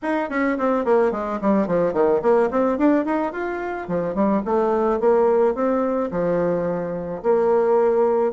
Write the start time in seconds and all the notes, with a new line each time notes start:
0.02 D#4
0.29 C#4
0.58 C4
0.84 A#3
1.11 G#3
1.41 G3
1.67 F3
1.93 D#3
2.21 A#3
2.50 C4
2.78 D4
3.05 D#4
3.32 F4
3.88 F3
4.14 G3
4.45 A3
4.99 A#3
5.54 C4
6.11 F3
7.22 A#3